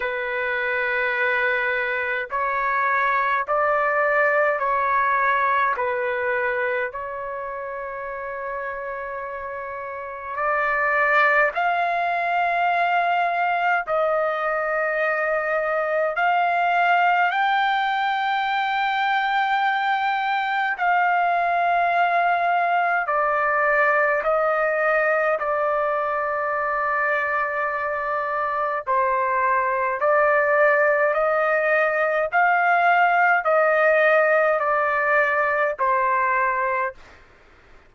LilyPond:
\new Staff \with { instrumentName = "trumpet" } { \time 4/4 \tempo 4 = 52 b'2 cis''4 d''4 | cis''4 b'4 cis''2~ | cis''4 d''4 f''2 | dis''2 f''4 g''4~ |
g''2 f''2 | d''4 dis''4 d''2~ | d''4 c''4 d''4 dis''4 | f''4 dis''4 d''4 c''4 | }